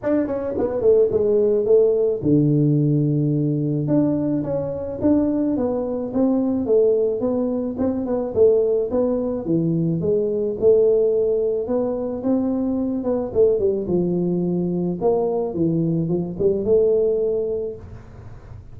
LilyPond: \new Staff \with { instrumentName = "tuba" } { \time 4/4 \tempo 4 = 108 d'8 cis'8 b8 a8 gis4 a4 | d2. d'4 | cis'4 d'4 b4 c'4 | a4 b4 c'8 b8 a4 |
b4 e4 gis4 a4~ | a4 b4 c'4. b8 | a8 g8 f2 ais4 | e4 f8 g8 a2 | }